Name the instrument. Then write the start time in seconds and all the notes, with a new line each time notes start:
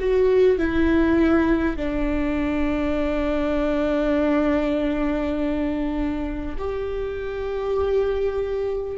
viola
0.00 F#4
0.58 E4
1.77 D4
6.58 G4